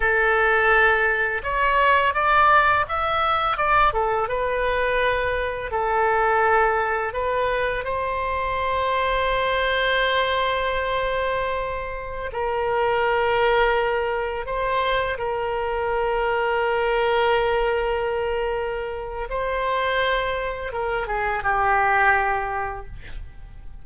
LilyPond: \new Staff \with { instrumentName = "oboe" } { \time 4/4 \tempo 4 = 84 a'2 cis''4 d''4 | e''4 d''8 a'8 b'2 | a'2 b'4 c''4~ | c''1~ |
c''4~ c''16 ais'2~ ais'8.~ | ais'16 c''4 ais'2~ ais'8.~ | ais'2. c''4~ | c''4 ais'8 gis'8 g'2 | }